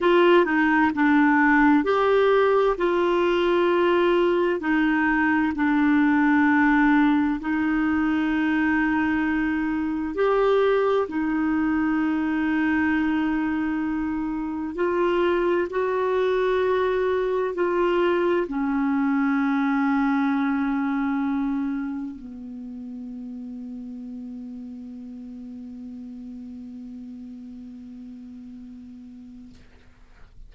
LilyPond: \new Staff \with { instrumentName = "clarinet" } { \time 4/4 \tempo 4 = 65 f'8 dis'8 d'4 g'4 f'4~ | f'4 dis'4 d'2 | dis'2. g'4 | dis'1 |
f'4 fis'2 f'4 | cis'1 | b1~ | b1 | }